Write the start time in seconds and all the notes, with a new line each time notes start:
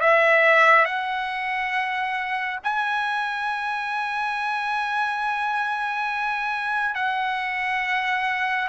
0.00 E5
0.85 F#5
2.63 G#5
6.94 F#5